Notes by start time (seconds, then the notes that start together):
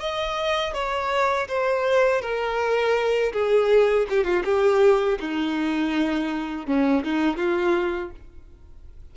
0.00 D#5
0.74 C#5
1.48 C5
2.22 A#4
3.33 G#4
4.09 G4
4.24 F4
4.44 G4
5.20 D#4
6.67 C#4
7.04 D#4
7.37 F4